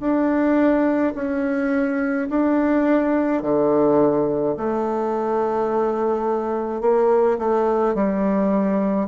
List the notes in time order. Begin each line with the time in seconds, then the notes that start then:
0.00 D4
1.15 C#4
2.30 D4
3.42 D3
4.57 A3
6.81 A#3
7.38 A3
7.95 G3